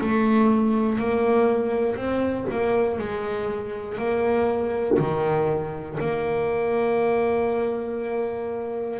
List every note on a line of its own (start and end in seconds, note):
0.00 0.98 A3
0.98 1.96 A#3
1.96 2.46 C4
2.50 2.98 A#3
2.98 3.98 G#3
3.98 4.98 A#3
4.98 5.98 D#3
6.00 8.99 A#3